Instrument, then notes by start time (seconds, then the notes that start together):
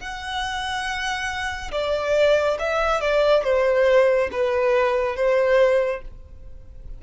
violin
0.00 F#5
1.72 D5
2.59 E5
3.01 D5
3.44 C5
4.32 B4
5.16 C5